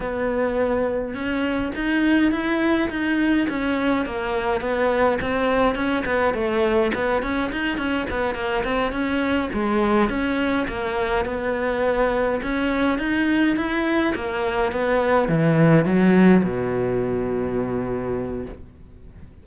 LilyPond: \new Staff \with { instrumentName = "cello" } { \time 4/4 \tempo 4 = 104 b2 cis'4 dis'4 | e'4 dis'4 cis'4 ais4 | b4 c'4 cis'8 b8 a4 | b8 cis'8 dis'8 cis'8 b8 ais8 c'8 cis'8~ |
cis'8 gis4 cis'4 ais4 b8~ | b4. cis'4 dis'4 e'8~ | e'8 ais4 b4 e4 fis8~ | fis8 b,2.~ b,8 | }